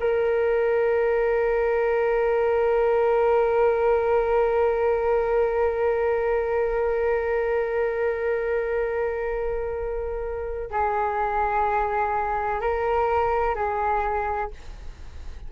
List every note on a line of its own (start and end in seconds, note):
0.00 10.71 A#4
10.71 12.61 G#4
12.61 13.55 A#4
13.55 14.51 G#4